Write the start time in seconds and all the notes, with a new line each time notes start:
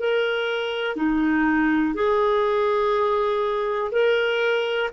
0.00 A#4
0.97 D#4
1.95 G#4
3.92 A#4